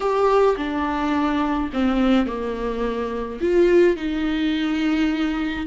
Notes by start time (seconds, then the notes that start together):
0.00 G4
0.56 D4
1.73 C4
2.26 A#3
3.40 F4
3.96 D#4